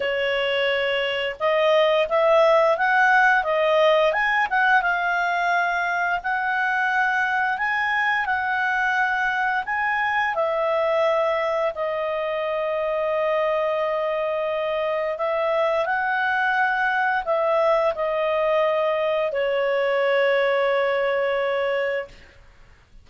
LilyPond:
\new Staff \with { instrumentName = "clarinet" } { \time 4/4 \tempo 4 = 87 cis''2 dis''4 e''4 | fis''4 dis''4 gis''8 fis''8 f''4~ | f''4 fis''2 gis''4 | fis''2 gis''4 e''4~ |
e''4 dis''2.~ | dis''2 e''4 fis''4~ | fis''4 e''4 dis''2 | cis''1 | }